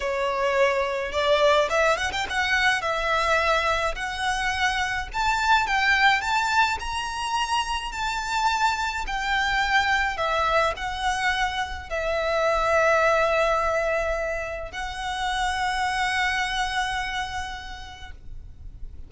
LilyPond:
\new Staff \with { instrumentName = "violin" } { \time 4/4 \tempo 4 = 106 cis''2 d''4 e''8 fis''16 g''16 | fis''4 e''2 fis''4~ | fis''4 a''4 g''4 a''4 | ais''2 a''2 |
g''2 e''4 fis''4~ | fis''4 e''2.~ | e''2 fis''2~ | fis''1 | }